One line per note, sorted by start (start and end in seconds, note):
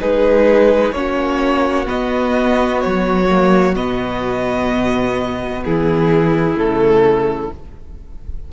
0.00 0.92 G#3
0.00 0.94 D#4
0.00 0.94 G#4
0.00 0.92 B4
0.92 1.86 A#3
0.92 1.85 C#4
0.92 5.65 F#4
0.92 1.86 C#5
1.85 3.26 B3
1.85 2.84 B3
1.85 2.81 D#5
2.81 3.75 F#3
2.81 3.74 C#5
3.29 3.75 A#3
3.75 5.63 B2
3.75 6.55 B3
3.75 5.63 D#5
5.65 6.55 E3
5.65 7.52 E4
5.65 6.58 G#4
6.55 7.49 C#3
6.55 7.49 A3
6.55 7.52 A4